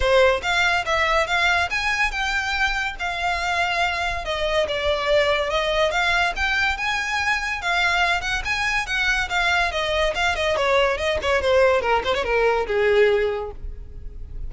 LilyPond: \new Staff \with { instrumentName = "violin" } { \time 4/4 \tempo 4 = 142 c''4 f''4 e''4 f''4 | gis''4 g''2 f''4~ | f''2 dis''4 d''4~ | d''4 dis''4 f''4 g''4 |
gis''2 f''4. fis''8 | gis''4 fis''4 f''4 dis''4 | f''8 dis''8 cis''4 dis''8 cis''8 c''4 | ais'8 c''16 cis''16 ais'4 gis'2 | }